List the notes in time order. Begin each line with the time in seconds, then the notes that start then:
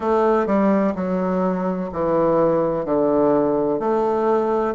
0.00 A3
0.46 G3
0.95 F#3
1.92 E3
2.85 D3
3.79 A3